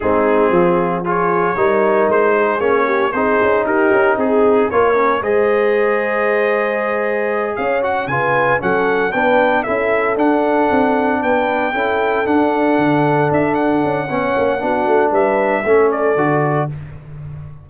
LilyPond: <<
  \new Staff \with { instrumentName = "trumpet" } { \time 4/4 \tempo 4 = 115 gis'2 cis''2 | c''4 cis''4 c''4 ais'4 | gis'4 cis''4 dis''2~ | dis''2~ dis''8 f''8 fis''8 gis''8~ |
gis''8 fis''4 g''4 e''4 fis''8~ | fis''4. g''2 fis''8~ | fis''4. e''8 fis''2~ | fis''4 e''4. d''4. | }
  \new Staff \with { instrumentName = "horn" } { \time 4/4 dis'4 f'4 gis'4 ais'4~ | ais'8 gis'4 g'8 gis'4 g'4 | gis'4 ais'4 c''2~ | c''2~ c''8 cis''4 b'8~ |
b'8 a'4 b'4 a'4.~ | a'4. b'4 a'4.~ | a'2. cis''4 | fis'4 b'4 a'2 | }
  \new Staff \with { instrumentName = "trombone" } { \time 4/4 c'2 f'4 dis'4~ | dis'4 cis'4 dis'2~ | dis'4 f'8 cis'8 gis'2~ | gis'2. fis'8 f'8~ |
f'8 cis'4 d'4 e'4 d'8~ | d'2~ d'8 e'4 d'8~ | d'2. cis'4 | d'2 cis'4 fis'4 | }
  \new Staff \with { instrumentName = "tuba" } { \time 4/4 gis4 f2 g4 | gis4 ais4 c'8 cis'8 dis'8 cis'8 | c'4 ais4 gis2~ | gis2~ gis8 cis'4 cis8~ |
cis8 fis4 b4 cis'4 d'8~ | d'8 c'4 b4 cis'4 d'8~ | d'8 d4 d'4 cis'8 b8 ais8 | b8 a8 g4 a4 d4 | }
>>